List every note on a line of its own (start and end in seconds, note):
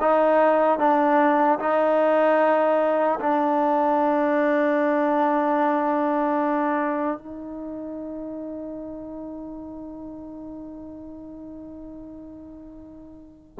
0.00 0.78 D#4
0.78 1.58 D4
1.59 3.19 D#4
3.20 7.17 D4
7.17 13.57 D#4